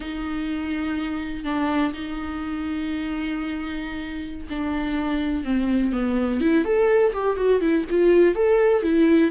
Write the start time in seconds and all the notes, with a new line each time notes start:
0.00 D#4
1.44 D4
1.93 D#4
4.49 D4
5.44 C4
5.92 B3
6.40 E4
6.64 A4
7.13 G4
7.36 F#4
7.60 E4
7.90 F4
8.35 A4
8.82 E4